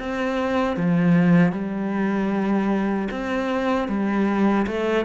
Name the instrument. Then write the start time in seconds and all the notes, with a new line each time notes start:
cello
0.00 C4
0.77 F3
1.53 G3
3.11 C4
3.89 G3
4.68 A3